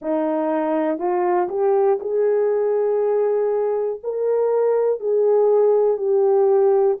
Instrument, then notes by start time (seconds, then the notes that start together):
horn
0.01 D#4
0.98 F4
1.49 G4
2.00 G#4
4.03 A#4
5.00 G#4
5.97 G4